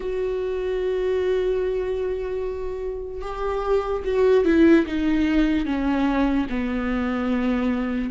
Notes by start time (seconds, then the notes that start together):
0.00 F#4
3.21 G4
4.04 F#4
4.44 E4
4.86 D#4
5.65 C#4
6.49 B3